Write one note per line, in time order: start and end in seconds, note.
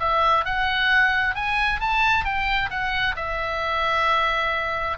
0.00 0.45 E5
0.45 1.35 F#5
1.35 1.81 G#5
1.81 2.25 A5
2.25 2.70 G5
2.70 3.16 F#5
3.16 4.98 E5